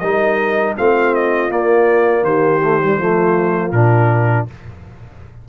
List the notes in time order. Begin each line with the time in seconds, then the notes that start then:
0.00 G3 D#4 A#4 D#5
0.77 A3 C4 F4 F5
1.15 D#5
1.50 A#3 D5
2.23 D#3 G4 C5
2.63 A3
2.82 G3
2.99 F3 A3 F4
3.72 A#2 D4 A#4